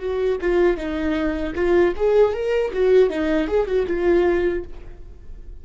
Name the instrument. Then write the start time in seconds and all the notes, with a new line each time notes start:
viola
0.00 F#4
0.41 F4
0.77 D#4
1.56 F4
1.97 G#4
2.34 A#4
2.74 F#4
3.10 D#4
3.48 G#4
3.67 F#4
3.87 F4